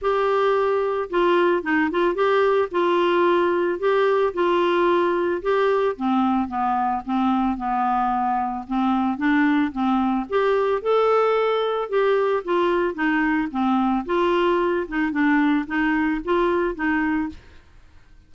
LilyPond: \new Staff \with { instrumentName = "clarinet" } { \time 4/4 \tempo 4 = 111 g'2 f'4 dis'8 f'8 | g'4 f'2 g'4 | f'2 g'4 c'4 | b4 c'4 b2 |
c'4 d'4 c'4 g'4 | a'2 g'4 f'4 | dis'4 c'4 f'4. dis'8 | d'4 dis'4 f'4 dis'4 | }